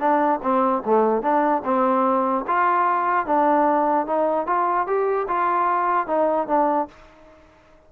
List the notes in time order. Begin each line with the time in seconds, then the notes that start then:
0.00 D4
0.43 C4
0.86 A3
1.23 D4
1.65 C4
2.48 F4
3.27 D4
4.07 D#4
4.47 F4
4.87 G4
5.28 F4
6.07 D#4
6.48 D4